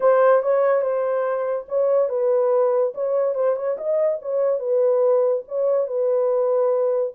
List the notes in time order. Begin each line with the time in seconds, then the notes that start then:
0.00 C5
0.42 C#5
0.81 C5
1.68 C#5
2.09 B4
2.94 C#5
3.35 C5
3.55 C#5
3.77 D#5
4.21 C#5
4.59 B4
5.48 C#5
5.87 B4